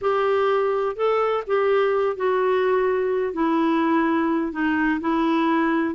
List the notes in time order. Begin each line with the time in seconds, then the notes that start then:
0.01 G4
0.96 A4
1.47 G4
2.16 F#4
3.33 E4
4.52 D#4
5.00 E4